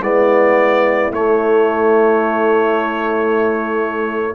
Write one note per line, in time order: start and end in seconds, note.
0.00 1.10 G#3
0.00 1.12 B3
0.00 4.35 E4
0.00 1.12 D5
1.12 4.35 A3
1.12 4.35 C#5